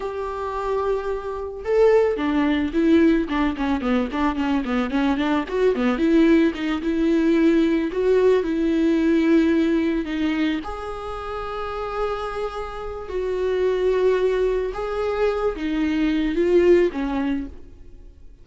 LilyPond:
\new Staff \with { instrumentName = "viola" } { \time 4/4 \tempo 4 = 110 g'2. a'4 | d'4 e'4 d'8 cis'8 b8 d'8 | cis'8 b8 cis'8 d'8 fis'8 b8 e'4 | dis'8 e'2 fis'4 e'8~ |
e'2~ e'8 dis'4 gis'8~ | gis'1 | fis'2. gis'4~ | gis'8 dis'4. f'4 cis'4 | }